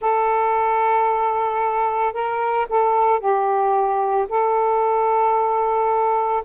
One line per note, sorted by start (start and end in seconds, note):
0.01 2.13 A4
2.13 2.66 A#4
2.69 3.19 A4
3.19 4.27 G4
4.29 6.43 A4